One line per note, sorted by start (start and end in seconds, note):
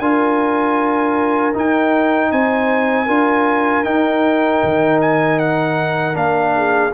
0.00 1.54 D4
0.00 1.54 F4
0.00 2.31 A#4
0.00 1.54 G#5
1.54 3.08 D#4
1.54 2.32 D#4
1.54 2.32 G5
2.31 3.08 C4
2.31 3.06 C5
2.31 3.84 G#5
3.06 3.85 D4
3.06 3.85 F4
3.06 6.52 A#4
3.84 6.14 D#4
3.84 4.62 D#4
3.84 5.00 G5
4.63 6.15 D#3
5.01 5.39 G#5
5.39 6.16 F#5
6.14 6.92 A#3
6.14 6.91 D4
6.14 6.93 F5
6.56 6.94 G#4